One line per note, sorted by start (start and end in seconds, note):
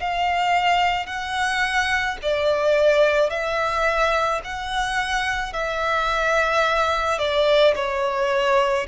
0.00 1.06 F5
1.06 2.17 F#5
2.22 3.30 D5
3.30 4.41 E5
4.44 5.53 F#5
5.53 7.19 E5
7.19 7.74 D5
7.75 8.86 C#5